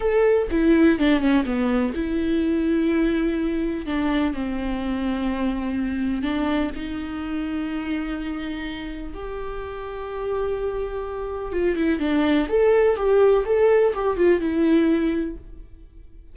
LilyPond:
\new Staff \with { instrumentName = "viola" } { \time 4/4 \tempo 4 = 125 a'4 e'4 d'8 cis'8 b4 | e'1 | d'4 c'2.~ | c'4 d'4 dis'2~ |
dis'2. g'4~ | g'1 | f'8 e'8 d'4 a'4 g'4 | a'4 g'8 f'8 e'2 | }